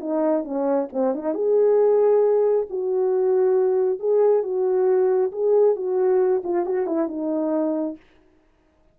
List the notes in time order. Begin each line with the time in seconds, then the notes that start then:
0.00 D#4
0.44 C#4
0.92 C4
1.15 D#4
1.34 G#4
2.70 F#4
3.99 G#4
4.43 F#4
5.32 G#4
5.76 F#4
6.44 F4
6.66 F#4
6.86 E4
7.08 D#4